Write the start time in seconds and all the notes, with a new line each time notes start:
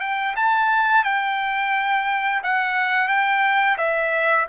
0.00 G5
0.36 A5
1.04 G5
2.43 F#5
3.08 G5
3.77 E5